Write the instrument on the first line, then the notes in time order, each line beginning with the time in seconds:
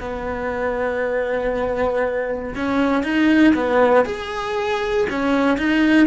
cello
0.00 B3
2.56 C#4
3.03 D#4
3.55 B3
4.05 G#4
5.10 C#4
5.58 D#4